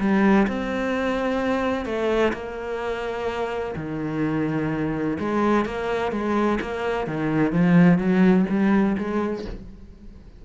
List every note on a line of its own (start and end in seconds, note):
0.00 0.47 G3
0.48 1.86 C4
1.86 2.33 A3
2.34 3.75 A#3
3.76 5.18 D#3
5.20 5.66 G#3
5.66 6.12 A#3
6.12 6.59 G#3
6.61 7.07 A#3
7.07 7.53 D#3
7.53 7.99 F3
7.99 8.46 F#3
8.50 8.97 G3
8.98 9.46 G#3